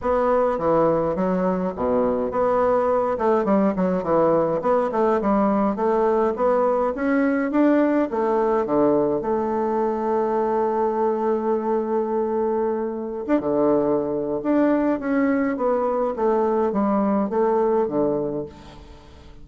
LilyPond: \new Staff \with { instrumentName = "bassoon" } { \time 4/4 \tempo 4 = 104 b4 e4 fis4 b,4 | b4. a8 g8 fis8 e4 | b8 a8 g4 a4 b4 | cis'4 d'4 a4 d4 |
a1~ | a2. d'16 d8.~ | d4 d'4 cis'4 b4 | a4 g4 a4 d4 | }